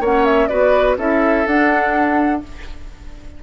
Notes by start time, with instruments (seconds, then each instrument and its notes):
0.00 bassoon A#3, clarinet C#4, oboe C#5, flute F#5
0.25 flute E5
0.48 bassoon B3, clarinet F#4, oboe B4, flute D5
0.97 bassoon C#4, clarinet E4, oboe A4, flute E5
1.46 bassoon D4, clarinet D4, flute F#5